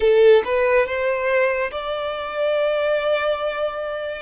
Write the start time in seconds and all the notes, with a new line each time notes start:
0.00 A4
0.45 B4
0.86 C5
1.71 D5